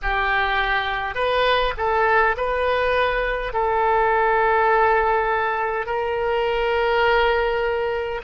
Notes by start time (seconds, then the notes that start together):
0.02 G4
1.14 B4
1.76 A4
2.36 B4
3.53 A4
5.86 A#4